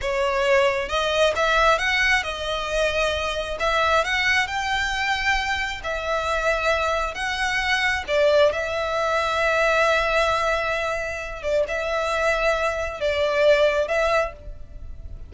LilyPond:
\new Staff \with { instrumentName = "violin" } { \time 4/4 \tempo 4 = 134 cis''2 dis''4 e''4 | fis''4 dis''2. | e''4 fis''4 g''2~ | g''4 e''2. |
fis''2 d''4 e''4~ | e''1~ | e''4. d''8 e''2~ | e''4 d''2 e''4 | }